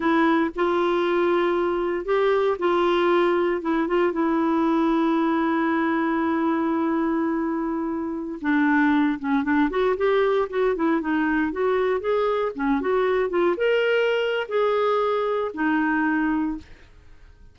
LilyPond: \new Staff \with { instrumentName = "clarinet" } { \time 4/4 \tempo 4 = 116 e'4 f'2. | g'4 f'2 e'8 f'8 | e'1~ | e'1~ |
e'16 d'4. cis'8 d'8 fis'8 g'8.~ | g'16 fis'8 e'8 dis'4 fis'4 gis'8.~ | gis'16 cis'8 fis'4 f'8 ais'4.~ ais'16 | gis'2 dis'2 | }